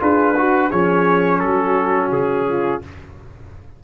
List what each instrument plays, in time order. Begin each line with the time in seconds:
0.00 tuba D4, trombone F4, horn G#4, trumpet B4
0.37 trombone F#4, horn F#4
0.70 tuba F3, trombone C#4, horn G#4, trumpet C#5
1.40 tuba F#3, horn F#4, trumpet A4
2.12 tuba C#3, trumpet G#4
2.49 horn F4